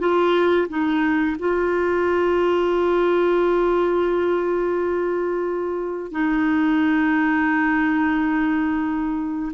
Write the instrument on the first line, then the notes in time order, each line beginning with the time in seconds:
clarinet
0.00 F4
0.69 D#4
1.40 F4
6.12 D#4